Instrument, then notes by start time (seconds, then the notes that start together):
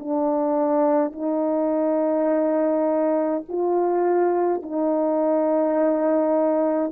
horn
0.00 D4
1.13 D#4
3.49 F4
4.63 D#4